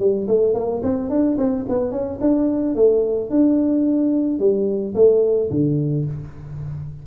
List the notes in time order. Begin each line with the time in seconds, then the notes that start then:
0.00 G3
0.28 A3
0.55 A#3
0.83 C4
1.10 D4
1.38 C4
1.69 B3
1.92 C#4
2.21 D4
2.75 A3
3.30 D4
4.40 G3
4.95 A3
5.51 D3